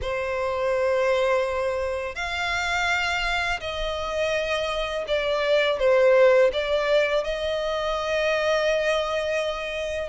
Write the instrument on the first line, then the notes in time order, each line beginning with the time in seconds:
violin
0.01 C5
2.15 F5
3.60 D#5
5.07 D5
5.79 C5
6.52 D5
7.24 D#5